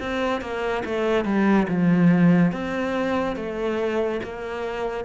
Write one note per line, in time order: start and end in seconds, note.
0.00 0.41 C4
0.41 0.83 A#3
0.85 1.24 A3
1.24 1.67 G3
1.68 2.52 F3
2.52 3.36 C4
3.36 4.20 A3
4.23 5.04 A#3